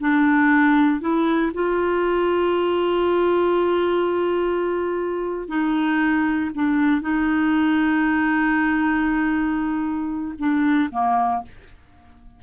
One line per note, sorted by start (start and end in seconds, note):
0.00 1.00 D4
1.00 1.52 E4
1.54 5.48 F4
5.48 6.51 D#4
6.55 7.01 D4
7.01 10.34 D#4
10.38 10.90 D4
10.91 11.42 A#3